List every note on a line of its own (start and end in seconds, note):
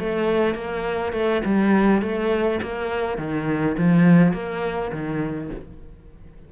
0.00 0.55 A3
0.55 1.13 A#3
1.13 1.42 A3
1.45 2.02 G3
2.02 2.61 A3
2.62 3.18 A#3
3.18 3.77 D#3
3.78 4.33 F3
4.33 4.92 A#3
4.92 5.51 D#3